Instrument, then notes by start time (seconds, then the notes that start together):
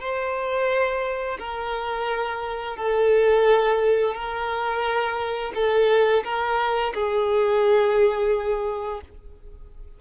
violin
0.00 C5
1.39 A#4
2.76 A4
4.15 A#4
5.55 A4
6.24 A#4
6.94 G#4